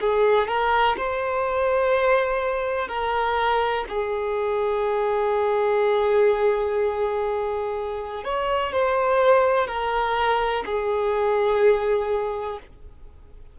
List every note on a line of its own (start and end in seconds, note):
0.00 0.47 G#4
0.47 0.95 A#4
0.97 2.88 C5
2.88 3.84 A#4
3.88 8.23 G#4
8.23 8.72 C#5
8.72 9.67 C5
9.67 10.64 A#4
10.65 12.59 G#4